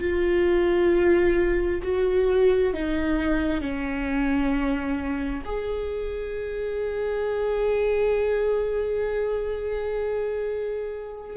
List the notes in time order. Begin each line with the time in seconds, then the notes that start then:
0.00 F4
1.82 F#4
2.74 D#4
3.61 C#4
5.45 G#4